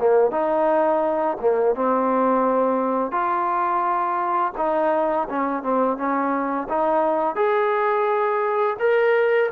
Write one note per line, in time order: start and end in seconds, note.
0.00 0.32 A#3
0.32 1.38 D#4
1.41 1.76 A#3
1.76 3.12 C4
3.12 4.53 F4
4.58 5.28 D#4
5.29 5.63 C#4
5.63 5.97 C4
5.97 6.68 C#4
6.69 7.36 D#4
7.36 8.77 G#4
8.79 9.50 A#4